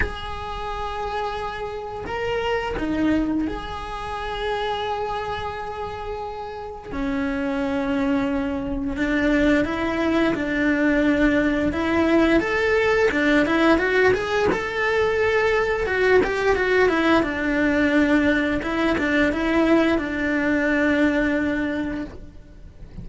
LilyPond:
\new Staff \with { instrumentName = "cello" } { \time 4/4 \tempo 4 = 87 gis'2. ais'4 | dis'4 gis'2.~ | gis'2 cis'2~ | cis'4 d'4 e'4 d'4~ |
d'4 e'4 a'4 d'8 e'8 | fis'8 gis'8 a'2 fis'8 g'8 | fis'8 e'8 d'2 e'8 d'8 | e'4 d'2. | }